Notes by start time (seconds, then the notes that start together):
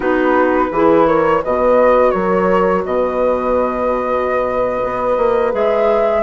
0.00 B3 D#4 F#4 B4
0.71 E3 E4 G#4
1.07 A#4 C#5
1.42 B2 F#4 B4 D#5
2.10 F#3 A#4 C#5
2.85 B2 B4 D#5
4.84 B3
5.17 A#3
5.52 G#3 G#4 E5